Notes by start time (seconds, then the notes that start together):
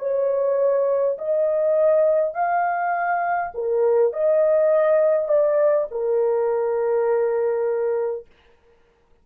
0.00 C#5
1.19 D#5
2.35 F5
3.55 A#4
4.13 D#5
5.29 D5
5.91 A#4